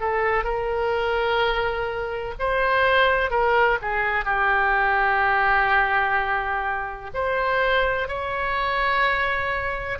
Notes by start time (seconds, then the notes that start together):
0.00 A4
0.44 A#4
2.39 C5
3.31 A#4
3.82 G#4
4.25 G4
7.14 C5
8.08 C#5